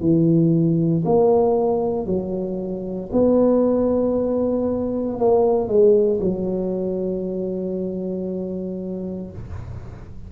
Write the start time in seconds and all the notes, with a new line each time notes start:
0.00 E3
1.05 A#3
2.06 F#3
3.12 B3
5.19 A#3
5.68 G#3
6.21 F#3